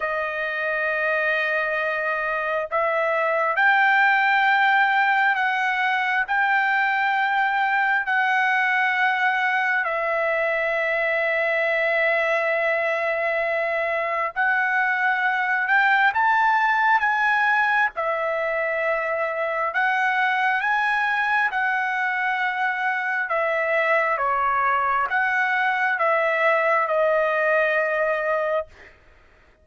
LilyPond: \new Staff \with { instrumentName = "trumpet" } { \time 4/4 \tempo 4 = 67 dis''2. e''4 | g''2 fis''4 g''4~ | g''4 fis''2 e''4~ | e''1 |
fis''4. g''8 a''4 gis''4 | e''2 fis''4 gis''4 | fis''2 e''4 cis''4 | fis''4 e''4 dis''2 | }